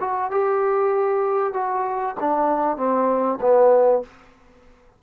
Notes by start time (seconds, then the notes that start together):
0.00 F#4
0.31 G4
1.54 F#4
2.20 D4
2.77 C4
3.41 B3